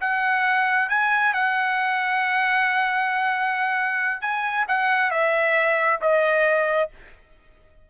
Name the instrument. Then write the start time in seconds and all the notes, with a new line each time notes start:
trumpet
0.00 F#5
0.89 G#5
1.33 F#5
4.21 G#5
4.68 F#5
5.11 E5
6.01 D#5